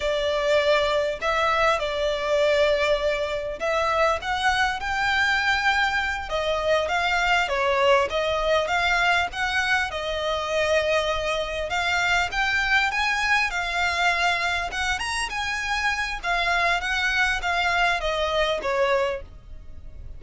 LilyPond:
\new Staff \with { instrumentName = "violin" } { \time 4/4 \tempo 4 = 100 d''2 e''4 d''4~ | d''2 e''4 fis''4 | g''2~ g''8 dis''4 f''8~ | f''8 cis''4 dis''4 f''4 fis''8~ |
fis''8 dis''2. f''8~ | f''8 g''4 gis''4 f''4.~ | f''8 fis''8 ais''8 gis''4. f''4 | fis''4 f''4 dis''4 cis''4 | }